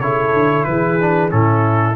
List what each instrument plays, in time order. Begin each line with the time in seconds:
0.00 tuba C#3, trombone E4, horn A4, trumpet C#5
0.33 tuba D3
0.64 tuba E3, horn G#4, trumpet B4
1.00 trombone D4
1.30 tuba A2, trombone C#4, horn E4, trumpet A4